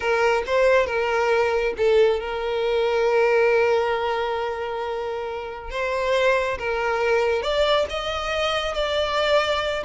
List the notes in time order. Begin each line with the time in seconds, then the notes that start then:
0.00 A#4
0.46 C5
0.86 A#4
1.77 A4
2.20 A#4
5.70 C5
6.58 A#4
7.42 D5
7.89 D#5
8.74 D5